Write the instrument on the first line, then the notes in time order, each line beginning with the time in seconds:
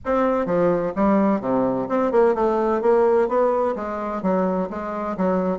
bassoon
0.05 C4
0.46 F3
0.95 G3
1.40 C3
1.88 C4
2.11 A#3
2.34 A3
2.81 A#3
3.28 B3
3.75 G#3
4.22 F#3
4.70 G#3
5.17 F#3